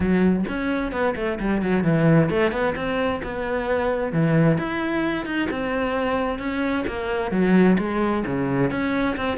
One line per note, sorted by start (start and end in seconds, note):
0.00 0.44 F#3
0.48 0.92 C#4
0.92 1.15 B3
1.15 1.38 A3
1.39 1.62 G3
1.62 1.83 F#3
1.83 2.29 E3
2.29 2.51 A3
2.51 2.74 B3
2.75 3.21 C4
3.23 4.12 B3
4.12 4.58 E3
4.58 5.25 E4
5.25 5.48 D#4
5.50 6.39 C4
6.39 6.84 C#4
6.87 7.31 A#3
7.31 7.77 F#3
7.78 8.24 G#3
8.25 8.70 C#3
8.70 9.16 C#4
9.16 9.37 C4